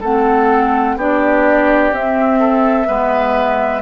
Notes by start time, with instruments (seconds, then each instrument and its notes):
0.00 bassoon A3, clarinet C4, oboe A4, flute F#5
0.96 bassoon B3, clarinet D4, oboe G4, flute D5
1.91 bassoon C4, clarinet C4, flute E5
2.39 oboe A4
2.86 bassoon G#3, clarinet B3, oboe B4